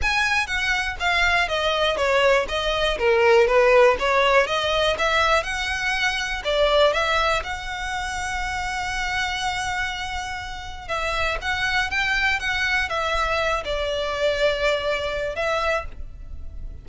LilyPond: \new Staff \with { instrumentName = "violin" } { \time 4/4 \tempo 4 = 121 gis''4 fis''4 f''4 dis''4 | cis''4 dis''4 ais'4 b'4 | cis''4 dis''4 e''4 fis''4~ | fis''4 d''4 e''4 fis''4~ |
fis''1~ | fis''2 e''4 fis''4 | g''4 fis''4 e''4. d''8~ | d''2. e''4 | }